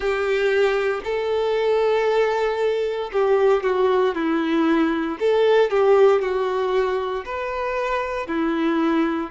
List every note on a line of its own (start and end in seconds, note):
0.00 1.01 G4
1.03 3.10 A4
3.12 3.63 G4
3.63 4.14 F#4
4.14 5.18 E4
5.19 5.70 A4
5.70 6.21 G4
6.21 7.25 F#4
7.25 8.27 B4
8.27 9.31 E4